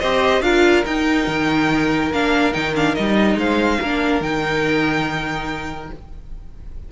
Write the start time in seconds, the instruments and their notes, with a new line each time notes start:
0.00 cello C4, viola G4, violin C5 D#5
0.41 cello D4, viola F4, violin A#4 F5
0.85 viola D#4, cello D#4, violin G5
1.27 cello D#3
2.12 cello A#3, viola D4, violin F5
2.53 cello D#3, viola D#4, violin G5
2.75 viola D4, violin F5
2.95 cello G3, viola D#4, violin D#5
3.36 cello G#3, violin C5 F5
3.81 cello A#3, viola D4, violin A#4
4.21 cello D#3, viola D#4, violin G5